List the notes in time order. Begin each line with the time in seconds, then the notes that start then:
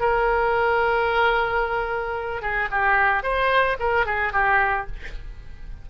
0.00 A#4
2.42 G#4
2.71 G4
3.23 C5
3.80 A#4
4.06 G#4
4.33 G4